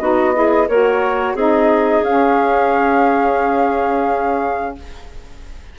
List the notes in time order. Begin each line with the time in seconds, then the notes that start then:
0.00 B3 D#4 F#4 D#5
0.34 E4 G#4
0.68 A#3 F#4 A#4 C#5
1.35 C4 D#4 G#4 D#5
2.03 C#4 F5